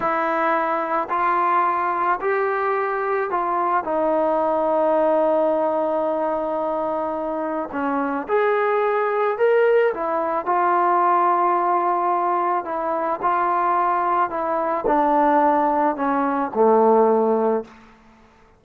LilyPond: \new Staff \with { instrumentName = "trombone" } { \time 4/4 \tempo 4 = 109 e'2 f'2 | g'2 f'4 dis'4~ | dis'1~ | dis'2 cis'4 gis'4~ |
gis'4 ais'4 e'4 f'4~ | f'2. e'4 | f'2 e'4 d'4~ | d'4 cis'4 a2 | }